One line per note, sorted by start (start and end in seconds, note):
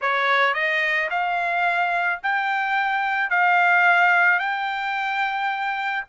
0.01 0.54 C#5
0.54 1.09 D#5
1.10 2.20 F5
2.22 3.30 G5
3.30 4.39 F5
4.39 6.04 G5